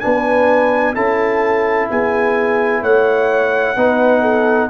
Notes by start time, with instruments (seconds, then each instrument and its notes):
0.00 tuba B3, trombone D4, horn B4, trumpet G#5
0.95 tuba C#4, trombone E4, horn A4, trumpet A5
1.90 tuba B3, horn G#4, trumpet G#5
2.81 tuba A3, horn C#5, trumpet F#5
3.76 tuba B3, trombone D#4, horn B4
4.21 horn A4